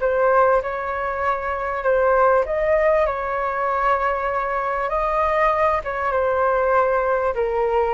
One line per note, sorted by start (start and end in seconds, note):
0.00 0.61 C5
0.62 1.83 C#5
1.83 2.44 C5
2.45 3.06 D#5
3.06 4.89 C#5
4.89 5.81 D#5
5.84 6.11 C#5
6.11 7.34 C5
7.34 7.94 A#4